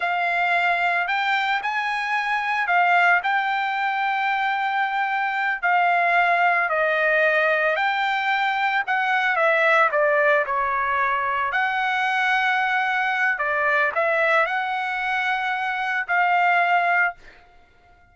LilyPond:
\new Staff \with { instrumentName = "trumpet" } { \time 4/4 \tempo 4 = 112 f''2 g''4 gis''4~ | gis''4 f''4 g''2~ | g''2~ g''8 f''4.~ | f''8 dis''2 g''4.~ |
g''8 fis''4 e''4 d''4 cis''8~ | cis''4. fis''2~ fis''8~ | fis''4 d''4 e''4 fis''4~ | fis''2 f''2 | }